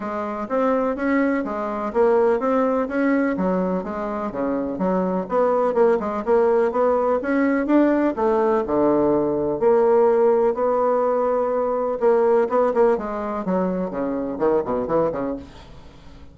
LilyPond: \new Staff \with { instrumentName = "bassoon" } { \time 4/4 \tempo 4 = 125 gis4 c'4 cis'4 gis4 | ais4 c'4 cis'4 fis4 | gis4 cis4 fis4 b4 | ais8 gis8 ais4 b4 cis'4 |
d'4 a4 d2 | ais2 b2~ | b4 ais4 b8 ais8 gis4 | fis4 cis4 dis8 b,8 e8 cis8 | }